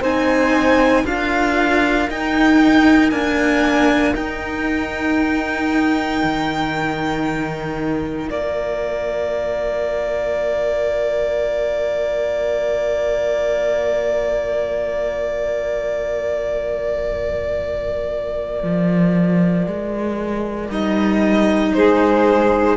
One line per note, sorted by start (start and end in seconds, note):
0.00 1.04 C4
0.00 1.04 D#4
0.00 1.03 C5
0.00 1.06 G#5
1.05 2.08 D4
1.05 2.08 F4
1.05 21.76 A#4
1.05 2.09 F5
2.08 3.11 D#4
2.08 3.12 D#4
2.08 3.10 G5
3.10 4.15 A#3
3.10 4.14 D4
3.10 4.14 G#5
4.14 6.21 D#4
4.14 8.28 D#4
4.14 8.29 G5
6.23 8.30 D#3
8.28 18.63 A#3
8.28 20.70 F4
8.28 20.71 D5
18.63 19.66 F3
19.67 20.69 G#3
20.69 21.72 G3
20.69 22.77 D#4
20.69 21.73 D#5
21.73 22.77 G#3
21.73 22.77 G#4
21.73 22.77 C5